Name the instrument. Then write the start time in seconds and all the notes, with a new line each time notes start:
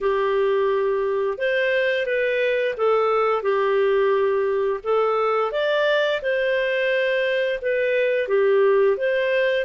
clarinet
0.01 G4
1.38 C5
2.06 B4
2.77 A4
3.42 G4
4.83 A4
5.51 D5
6.21 C5
7.61 B4
8.28 G4
8.97 C5